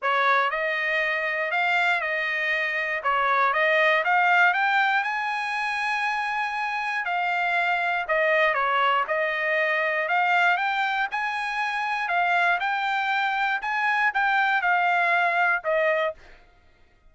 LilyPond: \new Staff \with { instrumentName = "trumpet" } { \time 4/4 \tempo 4 = 119 cis''4 dis''2 f''4 | dis''2 cis''4 dis''4 | f''4 g''4 gis''2~ | gis''2 f''2 |
dis''4 cis''4 dis''2 | f''4 g''4 gis''2 | f''4 g''2 gis''4 | g''4 f''2 dis''4 | }